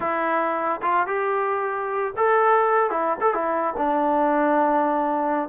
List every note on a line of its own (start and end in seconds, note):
0.00 0.80 E4
0.82 1.07 F4
1.07 2.14 G4
2.16 2.90 A4
2.90 3.17 E4
3.20 3.34 A4
3.34 3.74 E4
3.77 5.49 D4